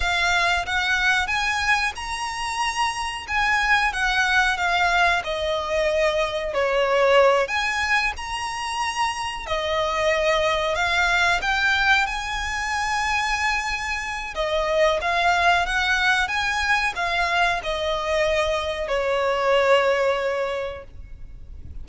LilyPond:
\new Staff \with { instrumentName = "violin" } { \time 4/4 \tempo 4 = 92 f''4 fis''4 gis''4 ais''4~ | ais''4 gis''4 fis''4 f''4 | dis''2 cis''4. gis''8~ | gis''8 ais''2 dis''4.~ |
dis''8 f''4 g''4 gis''4.~ | gis''2 dis''4 f''4 | fis''4 gis''4 f''4 dis''4~ | dis''4 cis''2. | }